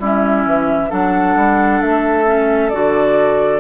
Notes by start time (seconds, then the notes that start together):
0.00 G3 C#4 E4 E5
0.45 E3
0.89 F#3 D4 A4 F#5
1.36 G3
1.81 A3 E5
2.25 C#4
2.69 D3 F#4 D5